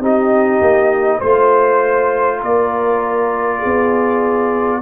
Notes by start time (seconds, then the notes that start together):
0.00 C4 D#4 G4 D#5
0.61 A#3
1.18 A3 F4 C5
2.42 A#3 A#4 D5
3.58 G#4
3.64 B3